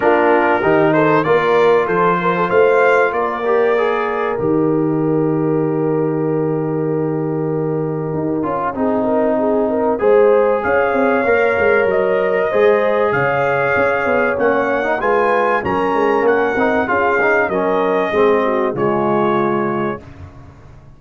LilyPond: <<
  \new Staff \with { instrumentName = "trumpet" } { \time 4/4 \tempo 4 = 96 ais'4. c''8 d''4 c''4 | f''4 d''2 dis''4~ | dis''1~ | dis''1~ |
dis''4 f''2 dis''4~ | dis''4 f''2 fis''4 | gis''4 ais''4 fis''4 f''4 | dis''2 cis''2 | }
  \new Staff \with { instrumentName = "horn" } { \time 4/4 f'4 g'8 a'8 ais'4 a'8 ais'16 a'16 | c''4 ais'2.~ | ais'1~ | ais'2 gis'8 ais'8 gis'8 ais'8 |
c''4 cis''2. | c''4 cis''2. | b'4 ais'2 gis'4 | ais'4 gis'8 fis'8 f'2 | }
  \new Staff \with { instrumentName = "trombone" } { \time 4/4 d'4 dis'4 f'2~ | f'4. g'8 gis'4 g'4~ | g'1~ | g'4. f'8 dis'2 |
gis'2 ais'2 | gis'2. cis'8. dis'16 | f'4 cis'4. dis'8 f'8 dis'8 | cis'4 c'4 gis2 | }
  \new Staff \with { instrumentName = "tuba" } { \time 4/4 ais4 dis4 ais4 f4 | a4 ais2 dis4~ | dis1~ | dis4 dis'8 cis'8 c'2 |
gis4 cis'8 c'8 ais8 gis8 fis4 | gis4 cis4 cis'8 b8 ais4 | gis4 fis8 gis8 ais8 c'8 cis'4 | fis4 gis4 cis2 | }
>>